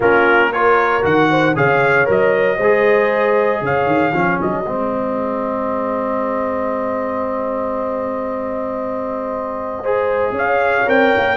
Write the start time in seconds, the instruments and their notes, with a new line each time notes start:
0.00 tuba A#3, trombone C#4, horn F4, trumpet A#4
0.52 trombone F4, horn A#4, trumpet C#5
1.02 tuba D#3, trombone F#4, trumpet F#5
1.30 horn C5
1.55 tuba C#3, trombone G#4, horn C#5, trumpet F5
2.05 tuba F#3, trombone A#4, trumpet D#5
2.57 tuba G#3, trombone G#4, horn C5
3.61 tuba C#3, horn C#5, trumpet F5
3.86 tuba D#3
4.13 tuba F3, trombone C#4, horn G#4
4.41 tuba F#3, trumpet D#5
4.65 tuba G#3, trombone C4
9.82 trombone G#4, horn C5
10.31 tuba C#4, horn C#5
10.38 trumpet F5
10.86 tuba C4, trombone A#4, trumpet G5
11.16 tuba A#3